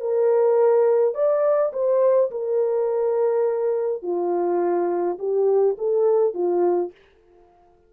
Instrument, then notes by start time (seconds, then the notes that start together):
horn
0.00 A#4
1.14 D5
1.73 C5
2.31 A#4
4.02 F4
5.18 G4
5.78 A4
6.34 F4